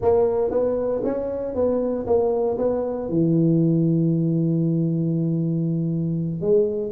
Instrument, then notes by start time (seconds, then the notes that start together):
tuba
0.01 A#3
0.50 B3
1.04 C#4
1.54 B3
2.06 A#3
2.58 B3
3.09 E3
6.41 G#3